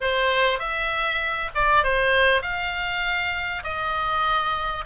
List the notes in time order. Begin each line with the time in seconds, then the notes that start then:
0.00 C5
0.59 E5
1.54 D5
1.83 C5
2.41 F5
3.63 D#5